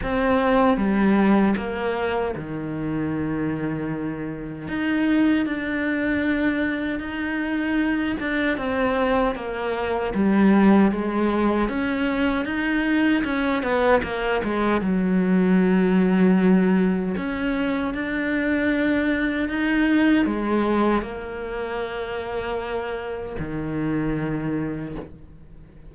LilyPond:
\new Staff \with { instrumentName = "cello" } { \time 4/4 \tempo 4 = 77 c'4 g4 ais4 dis4~ | dis2 dis'4 d'4~ | d'4 dis'4. d'8 c'4 | ais4 g4 gis4 cis'4 |
dis'4 cis'8 b8 ais8 gis8 fis4~ | fis2 cis'4 d'4~ | d'4 dis'4 gis4 ais4~ | ais2 dis2 | }